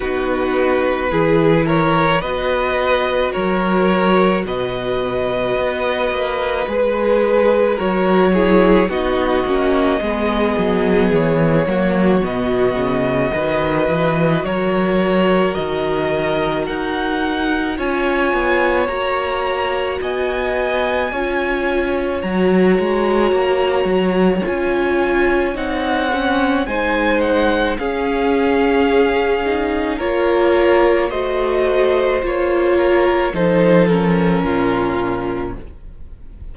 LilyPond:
<<
  \new Staff \with { instrumentName = "violin" } { \time 4/4 \tempo 4 = 54 b'4. cis''8 dis''4 cis''4 | dis''2 b'4 cis''4 | dis''2 cis''4 dis''4~ | dis''4 cis''4 dis''4 fis''4 |
gis''4 ais''4 gis''2 | ais''2 gis''4 fis''4 | gis''8 fis''8 f''2 cis''4 | dis''4 cis''4 c''8 ais'4. | }
  \new Staff \with { instrumentName = "violin" } { \time 4/4 fis'4 gis'8 ais'8 b'4 ais'4 | b'2. ais'8 gis'8 | fis'4 gis'4. fis'4. | b'4 ais'2. |
cis''2 dis''4 cis''4~ | cis''1 | c''4 gis'2 ais'4 | c''4. ais'8 a'4 f'4 | }
  \new Staff \with { instrumentName = "viola" } { \time 4/4 dis'4 e'4 fis'2~ | fis'2 gis'4 fis'8 e'8 | dis'8 cis'8 b4. ais8 b4 | fis'1 |
f'4 fis'2 f'4 | fis'2 f'4 dis'8 cis'8 | dis'4 cis'4. dis'8 f'4 | fis'4 f'4 dis'8 cis'4. | }
  \new Staff \with { instrumentName = "cello" } { \time 4/4 b4 e4 b4 fis4 | b,4 b8 ais8 gis4 fis4 | b8 ais8 gis8 fis8 e8 fis8 b,8 cis8 | dis8 e8 fis4 dis4 dis'4 |
cis'8 b8 ais4 b4 cis'4 | fis8 gis8 ais8 fis8 cis'4 c'4 | gis4 cis'2 ais4 | a4 ais4 f4 ais,4 | }
>>